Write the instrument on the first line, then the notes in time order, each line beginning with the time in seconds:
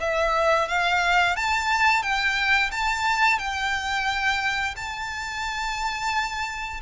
violin
0.00 E5
0.68 F5
1.36 A5
2.03 G5
2.71 A5
3.39 G5
4.76 A5